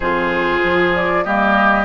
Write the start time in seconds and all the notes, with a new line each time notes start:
0.00 F2 F4 G#4 C5
0.63 F3
0.95 D5
1.23 G3 A#3 G4 D#5